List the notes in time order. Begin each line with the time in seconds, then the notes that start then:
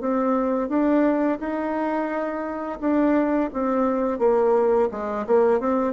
0.00 C4
0.68 D4
1.39 D#4
2.80 D4
3.53 C4
4.19 A#3
4.91 G#3
5.26 A#3
5.60 C4